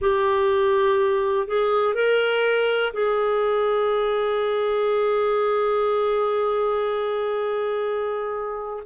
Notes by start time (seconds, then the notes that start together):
0.01 G4
1.47 G#4
1.94 A#4
2.93 G#4